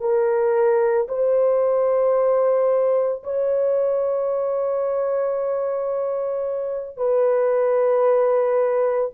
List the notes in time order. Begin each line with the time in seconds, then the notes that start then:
0.00 A#4
1.08 C5
3.23 C#5
6.97 B4